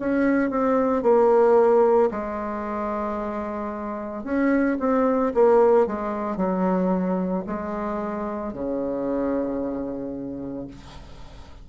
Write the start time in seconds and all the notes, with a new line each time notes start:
0.00 C#4
0.51 C4
1.03 A#3
2.11 G#3
4.25 C#4
4.80 C4
5.35 A#3
5.87 G#3
6.37 F#3
7.47 G#3
8.54 C#3